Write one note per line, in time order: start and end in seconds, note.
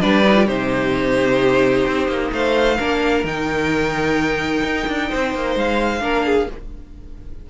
0.00 0.48 G3
0.00 0.24 D4
0.00 0.46 B4
0.00 0.48 D5
0.25 0.36 D#4
0.36 0.46 F4
0.46 1.86 C3
0.46 2.77 D#4
0.46 2.31 G4
0.46 2.32 C5
1.87 2.08 C4
2.08 2.31 A#3
2.32 2.78 A3
2.32 2.77 C5
2.32 3.25 F5
2.77 3.24 A#3
2.77 3.25 D4
2.77 5.08 A#4
3.24 4.62 D#3
3.24 6.00 D#4
3.24 5.57 G5
4.63 4.86 D#4
4.87 5.10 D4
5.09 5.34 C4
5.09 6.01 C5
5.34 5.55 A#3
5.55 6.00 G#3
5.55 6.50 F5
6.00 6.46 A#3
6.00 6.47 D4
6.00 6.25 A#4
6.25 6.49 G#4